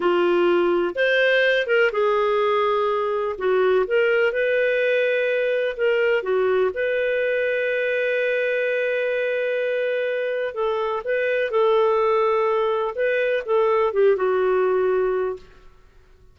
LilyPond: \new Staff \with { instrumentName = "clarinet" } { \time 4/4 \tempo 4 = 125 f'2 c''4. ais'8 | gis'2. fis'4 | ais'4 b'2. | ais'4 fis'4 b'2~ |
b'1~ | b'2 a'4 b'4 | a'2. b'4 | a'4 g'8 fis'2~ fis'8 | }